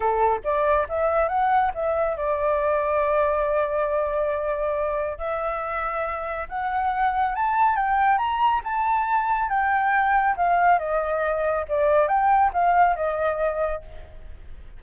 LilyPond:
\new Staff \with { instrumentName = "flute" } { \time 4/4 \tempo 4 = 139 a'4 d''4 e''4 fis''4 | e''4 d''2.~ | d''1 | e''2. fis''4~ |
fis''4 a''4 g''4 ais''4 | a''2 g''2 | f''4 dis''2 d''4 | g''4 f''4 dis''2 | }